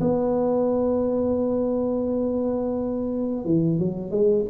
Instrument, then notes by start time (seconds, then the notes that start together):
tuba
0.00 B3
3.45 E3
3.79 F#3
4.11 G#3